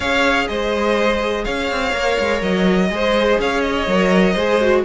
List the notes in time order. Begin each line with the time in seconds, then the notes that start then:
0.00 C#4 G#4 C#5 F5
0.47 G#3 C5 D#5
1.44 C#4 C#5 F5
1.71 C4
1.92 A#3 A#4
2.19 G#3
2.41 F#3 D#5
2.90 G#3 G#4 C5
3.38 C#4 C#5 F5
3.61 D#5
3.87 F#3 A#4
4.33 G#3 G#4 C5
4.61 F#4